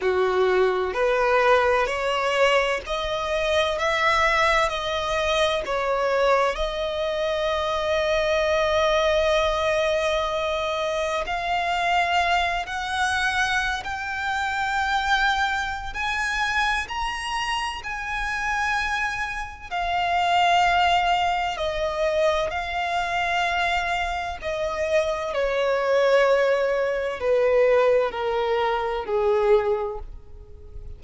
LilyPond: \new Staff \with { instrumentName = "violin" } { \time 4/4 \tempo 4 = 64 fis'4 b'4 cis''4 dis''4 | e''4 dis''4 cis''4 dis''4~ | dis''1 | f''4. fis''4~ fis''16 g''4~ g''16~ |
g''4 gis''4 ais''4 gis''4~ | gis''4 f''2 dis''4 | f''2 dis''4 cis''4~ | cis''4 b'4 ais'4 gis'4 | }